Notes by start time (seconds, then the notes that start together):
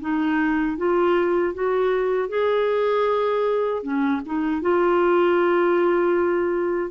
0.00 D#4
0.77 F4
1.54 F#4
2.29 G#4
3.83 C#4
4.25 D#4
4.62 F4